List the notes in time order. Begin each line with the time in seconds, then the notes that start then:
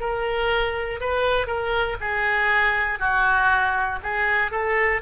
0.00 A#4
1.00 B4
1.47 A#4
2.00 G#4
3.00 F#4
4.03 G#4
4.51 A4